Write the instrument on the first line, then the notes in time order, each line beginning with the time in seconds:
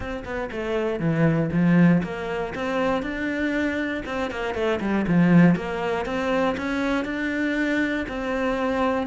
cello
0.00 C4
0.25 B3
0.51 A3
0.99 E3
1.51 F3
2.03 A#3
2.54 C4
3.02 D4
4.05 C4
4.30 A#3
4.54 A3
4.80 G3
5.07 F3
5.55 A#3
6.05 C4
6.57 C#4
7.04 D4
8.08 C4